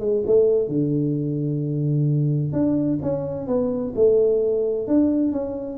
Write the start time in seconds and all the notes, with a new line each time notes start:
0.00 G#3
0.27 A3
0.69 D3
2.53 D4
3.02 C#4
3.47 B3
3.95 A3
4.88 D4
5.33 C#4